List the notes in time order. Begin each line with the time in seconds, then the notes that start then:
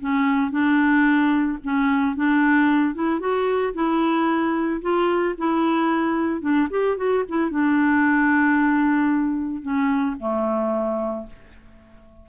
0.00 C#4
0.51 D4
1.64 C#4
2.16 D4
2.95 E4
3.20 F#4
3.74 E4
4.82 F4
5.38 E4
6.41 D4
6.71 G4
6.97 F#4
7.29 E4
7.51 D4
9.63 C#4
10.20 A3